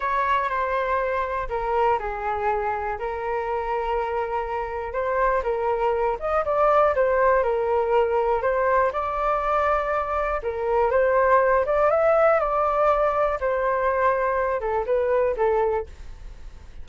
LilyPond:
\new Staff \with { instrumentName = "flute" } { \time 4/4 \tempo 4 = 121 cis''4 c''2 ais'4 | gis'2 ais'2~ | ais'2 c''4 ais'4~ | ais'8 dis''8 d''4 c''4 ais'4~ |
ais'4 c''4 d''2~ | d''4 ais'4 c''4. d''8 | e''4 d''2 c''4~ | c''4. a'8 b'4 a'4 | }